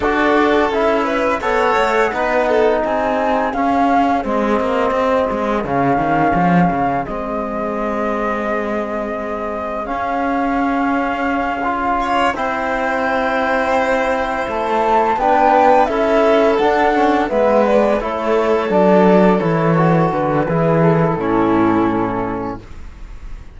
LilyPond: <<
  \new Staff \with { instrumentName = "flute" } { \time 4/4 \tempo 4 = 85 d''4 e''4 fis''2 | gis''4 f''4 dis''2 | f''2 dis''2~ | dis''2 f''2~ |
f''4. g''2~ g''8~ | g''8 a''4 g''4 e''4 fis''8~ | fis''8 e''8 d''8 cis''4 d''4 cis''8~ | cis''8 b'4 a'2~ a'8 | }
  \new Staff \with { instrumentName = "violin" } { \time 4/4 a'4. b'8 cis''4 b'8 a'8 | gis'1~ | gis'1~ | gis'1~ |
gis'4 cis''8 c''2~ c''8~ | c''4. b'4 a'4.~ | a'8 b'4 a'2~ a'8~ | a'4 gis'4 e'2 | }
  \new Staff \with { instrumentName = "trombone" } { \time 4/4 fis'4 e'4 a'4 dis'4~ | dis'4 cis'4 c'2 | cis'2 c'2~ | c'2 cis'2~ |
cis'8 f'4 e'2~ e'8~ | e'4. d'4 e'4 d'8 | cis'8 b4 e'4 d'4 e'8 | fis'4 e'4 cis'2 | }
  \new Staff \with { instrumentName = "cello" } { \time 4/4 d'4 cis'4 b8 a8 b4 | c'4 cis'4 gis8 ais8 c'8 gis8 | cis8 dis8 f8 cis8 gis2~ | gis2 cis'2~ |
cis'4. c'2~ c'8~ | c'8 a4 b4 cis'4 d'8~ | d'8 gis4 a4 fis4 e8~ | e8 d8 e4 a,2 | }
>>